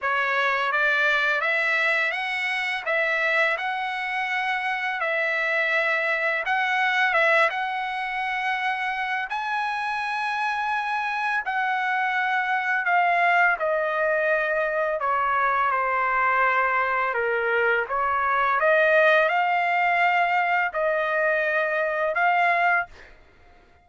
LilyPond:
\new Staff \with { instrumentName = "trumpet" } { \time 4/4 \tempo 4 = 84 cis''4 d''4 e''4 fis''4 | e''4 fis''2 e''4~ | e''4 fis''4 e''8 fis''4.~ | fis''4 gis''2. |
fis''2 f''4 dis''4~ | dis''4 cis''4 c''2 | ais'4 cis''4 dis''4 f''4~ | f''4 dis''2 f''4 | }